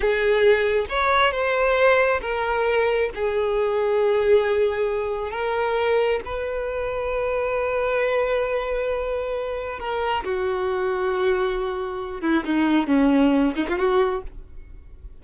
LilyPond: \new Staff \with { instrumentName = "violin" } { \time 4/4 \tempo 4 = 135 gis'2 cis''4 c''4~ | c''4 ais'2 gis'4~ | gis'1 | ais'2 b'2~ |
b'1~ | b'2 ais'4 fis'4~ | fis'2.~ fis'8 e'8 | dis'4 cis'4. dis'16 f'16 fis'4 | }